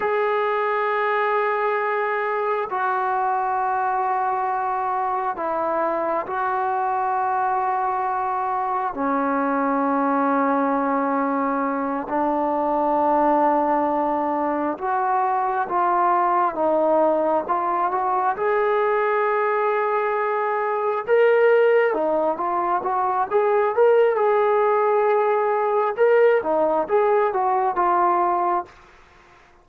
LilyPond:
\new Staff \with { instrumentName = "trombone" } { \time 4/4 \tempo 4 = 67 gis'2. fis'4~ | fis'2 e'4 fis'4~ | fis'2 cis'2~ | cis'4. d'2~ d'8~ |
d'8 fis'4 f'4 dis'4 f'8 | fis'8 gis'2. ais'8~ | ais'8 dis'8 f'8 fis'8 gis'8 ais'8 gis'4~ | gis'4 ais'8 dis'8 gis'8 fis'8 f'4 | }